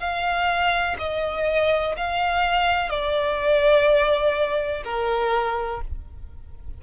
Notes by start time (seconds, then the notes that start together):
0.00 F5
0.99 D#5
1.97 F5
2.90 D5
4.85 A#4